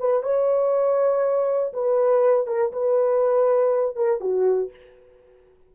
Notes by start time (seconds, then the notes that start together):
0.00 B4
0.23 C#5
1.73 B4
2.47 A#4
2.73 B4
3.96 A#4
4.20 F#4